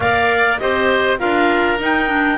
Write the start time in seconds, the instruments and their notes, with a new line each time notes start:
0.00 double bass A#3, clarinet A#4 F5, oboe D5
0.58 double bass C4, clarinet G4 D#5, oboe C5
1.19 double bass D4, clarinet F4 F5, oboe A#4
1.79 double bass D#4, clarinet D#4 G5
2.07 clarinet D4